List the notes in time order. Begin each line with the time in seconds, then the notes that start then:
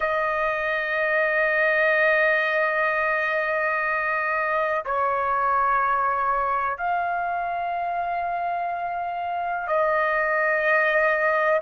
0.00 D#5
4.85 C#5
6.77 F5
9.67 D#5